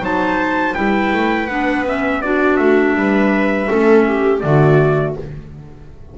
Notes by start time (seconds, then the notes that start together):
0.00 F#3 D#4 C5 A5
0.74 G3 E4 B4 G5
1.13 A3
1.47 B3 D4 F#5
1.85 C#4 E5
2.21 D4 F#4 D5
2.56 A3 E5
2.94 G3 B4
3.66 A3 C#4 A4
4.07 G4
4.40 D3 A3 F#4 D5